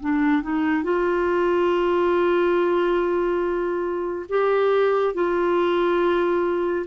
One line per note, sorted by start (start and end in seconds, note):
0.00 0.42 D4
0.42 0.83 D#4
0.83 4.26 F4
4.29 5.14 G4
5.14 6.86 F4